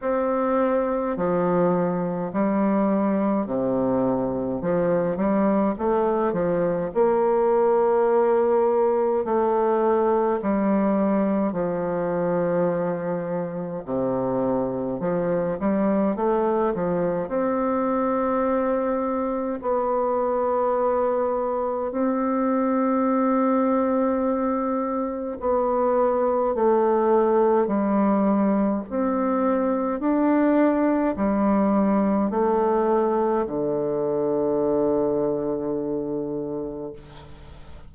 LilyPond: \new Staff \with { instrumentName = "bassoon" } { \time 4/4 \tempo 4 = 52 c'4 f4 g4 c4 | f8 g8 a8 f8 ais2 | a4 g4 f2 | c4 f8 g8 a8 f8 c'4~ |
c'4 b2 c'4~ | c'2 b4 a4 | g4 c'4 d'4 g4 | a4 d2. | }